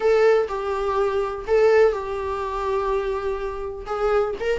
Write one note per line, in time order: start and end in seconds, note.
0.00 0.47 A4
0.48 1.45 G4
1.47 1.92 A4
1.92 3.85 G4
3.86 4.34 G#4
4.40 4.59 A#4